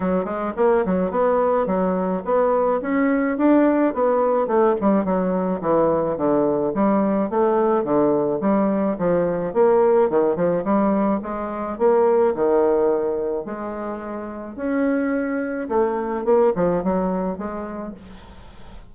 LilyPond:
\new Staff \with { instrumentName = "bassoon" } { \time 4/4 \tempo 4 = 107 fis8 gis8 ais8 fis8 b4 fis4 | b4 cis'4 d'4 b4 | a8 g8 fis4 e4 d4 | g4 a4 d4 g4 |
f4 ais4 dis8 f8 g4 | gis4 ais4 dis2 | gis2 cis'2 | a4 ais8 f8 fis4 gis4 | }